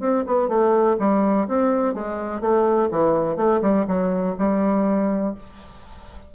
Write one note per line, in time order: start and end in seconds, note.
0.00 0.24 C4
0.26 0.48 B3
0.48 0.96 A3
0.99 1.47 G3
1.48 1.94 C4
1.94 2.41 G#3
2.41 2.89 A3
2.91 3.36 E3
3.36 3.60 A3
3.62 3.86 G3
3.88 4.36 F#3
4.39 5.35 G3